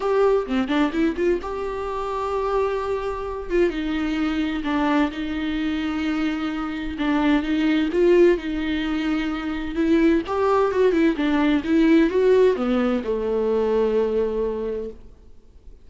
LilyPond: \new Staff \with { instrumentName = "viola" } { \time 4/4 \tempo 4 = 129 g'4 c'8 d'8 e'8 f'8 g'4~ | g'2.~ g'8 f'8 | dis'2 d'4 dis'4~ | dis'2. d'4 |
dis'4 f'4 dis'2~ | dis'4 e'4 g'4 fis'8 e'8 | d'4 e'4 fis'4 b4 | a1 | }